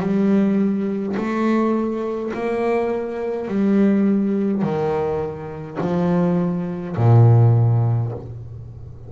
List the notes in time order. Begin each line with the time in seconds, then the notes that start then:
0.00 G3
1.16 A3
2.34 A#3
3.48 G3
4.63 D#3
5.81 F3
6.97 A#2